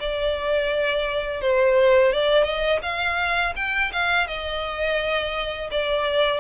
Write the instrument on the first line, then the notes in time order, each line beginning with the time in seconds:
violin
0.00 D5
1.41 C5
2.12 D5
2.44 D#5
2.82 F5
3.56 G5
3.92 F5
4.27 D#5
5.71 D5